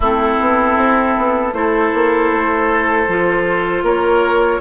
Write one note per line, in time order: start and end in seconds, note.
0.00 0.37 A3
0.00 1.53 C4
0.00 1.53 E4
0.00 1.54 A4
0.40 0.76 B3
0.76 1.15 C4
1.17 1.52 B3
1.52 1.91 A3
1.52 3.07 E4
1.52 3.83 A4
1.52 3.84 C5
1.94 2.31 A#3
2.31 3.07 A3
3.07 3.82 F3
3.07 4.61 F4
3.82 4.59 A#3
3.82 4.60 A#4
3.82 4.61 C#5